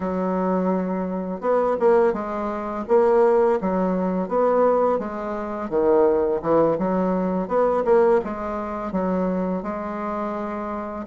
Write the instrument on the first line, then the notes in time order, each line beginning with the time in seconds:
bassoon
0.00 F#3
1.40 B3
1.79 A#3
2.13 G#3
2.88 A#3
3.60 F#3
4.28 B3
4.98 G#3
5.69 D#3
6.42 E3
6.78 F#3
7.47 B3
7.84 A#3
8.24 G#3
8.92 F#3
9.62 G#3